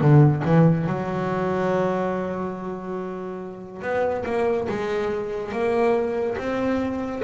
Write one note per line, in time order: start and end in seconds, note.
0.00 0.42 D3
0.45 0.86 E3
0.86 3.82 F#3
3.82 4.24 B3
4.25 4.67 A#3
4.68 5.52 G#3
5.52 6.36 A#3
6.38 7.22 C4